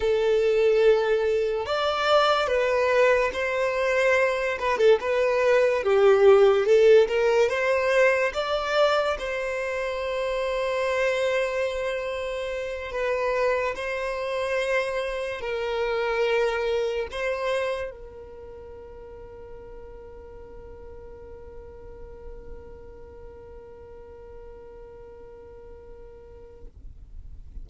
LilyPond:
\new Staff \with { instrumentName = "violin" } { \time 4/4 \tempo 4 = 72 a'2 d''4 b'4 | c''4. b'16 a'16 b'4 g'4 | a'8 ais'8 c''4 d''4 c''4~ | c''2.~ c''8 b'8~ |
b'8 c''2 ais'4.~ | ais'8 c''4 ais'2~ ais'8~ | ais'1~ | ais'1 | }